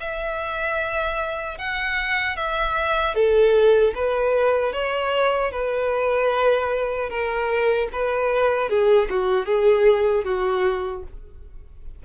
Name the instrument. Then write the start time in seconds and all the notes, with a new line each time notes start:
violin
0.00 E5
1.58 F#5
2.36 E5
3.15 A4
3.95 B4
4.73 C#5
5.52 B4
7.09 A#4
7.92 B4
8.69 G#4
9.09 F#4
9.45 G#4
10.24 F#4